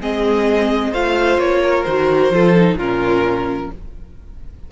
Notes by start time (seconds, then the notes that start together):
0.00 G#3 C4 G#4 D#5
0.90 A3 F4 C5 F5
1.38 A#3 C#5
1.63 A#4
1.83 D#3 F#4 C5
2.30 F3 F4 A4
2.56 D#4
2.74 A#2 C#4 F4 A#4